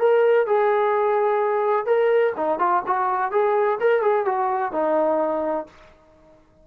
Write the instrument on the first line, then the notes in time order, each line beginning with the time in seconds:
trombone
0.00 A#4
0.47 G#4
1.86 A#4
2.37 D#4
2.59 F4
2.87 F#4
3.32 G#4
3.81 A#4
4.02 G#4
4.26 F#4
4.72 D#4